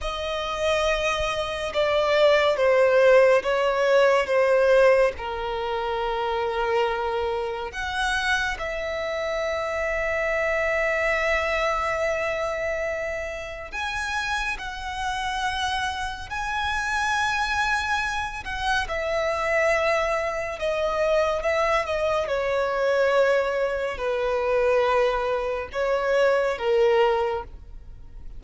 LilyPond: \new Staff \with { instrumentName = "violin" } { \time 4/4 \tempo 4 = 70 dis''2 d''4 c''4 | cis''4 c''4 ais'2~ | ais'4 fis''4 e''2~ | e''1 |
gis''4 fis''2 gis''4~ | gis''4. fis''8 e''2 | dis''4 e''8 dis''8 cis''2 | b'2 cis''4 ais'4 | }